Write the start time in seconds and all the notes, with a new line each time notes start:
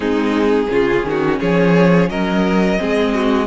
0.00 G#3 C4 D#4 G#4
0.69 C#3 C#4 F4
1.04 D#3 F#4
1.39 F3 G#4 C#5
2.09 F#3 A#4 D#5
2.78 G#3 C4 G#4
3.14 F#4